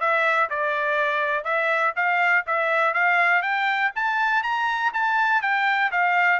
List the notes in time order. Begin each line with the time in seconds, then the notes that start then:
0.00 E5
0.50 D5
1.44 E5
1.96 F5
2.47 E5
2.94 F5
3.42 G5
3.95 A5
4.43 A#5
4.93 A5
5.42 G5
5.92 F5